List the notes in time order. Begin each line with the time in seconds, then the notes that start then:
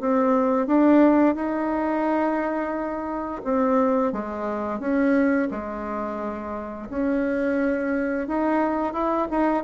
0.00 C4
0.67 D4
1.35 D#4
3.44 C4
4.12 G#3
4.80 C#4
5.51 G#3
6.90 C#4
8.28 D#4
8.93 E4
9.30 D#4